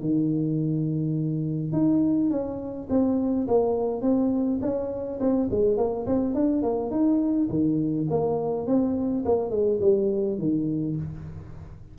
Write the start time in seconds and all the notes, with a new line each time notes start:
0.00 D#3
1.72 D#4
2.30 C#4
2.89 C4
3.47 A#3
4.01 C4
4.61 C#4
5.20 C4
5.50 G#3
5.77 A#3
6.06 C4
6.34 D4
6.62 A#3
6.90 D#4
7.49 D#3
8.10 A#3
8.66 C4
9.25 A#3
9.50 G#3
9.81 G3
10.38 D#3